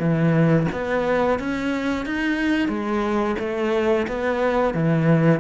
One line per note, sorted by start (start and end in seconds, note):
0.00 0.67 E3
0.72 1.40 B3
1.40 2.06 C#4
2.06 2.69 D#4
2.69 3.36 G#3
3.40 4.07 A3
4.08 4.75 B3
4.75 5.41 E3